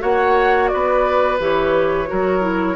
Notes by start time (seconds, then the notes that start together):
0.00 A#3 F#4 C#5 F#5
0.68 B3 B4 D5
1.40 E3 G4 C#5
2.07 F#3 F#4 A#4
2.41 E4